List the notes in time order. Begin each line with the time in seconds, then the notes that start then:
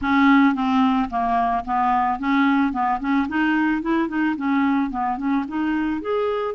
0.01 C#4
0.55 C4
1.10 A#3
1.64 B3
2.19 C#4
2.72 B3
3.00 C#4
3.28 D#4
3.82 E4
4.08 D#4
4.36 C#4
4.90 B3
5.17 C#4
5.48 D#4
6.01 G#4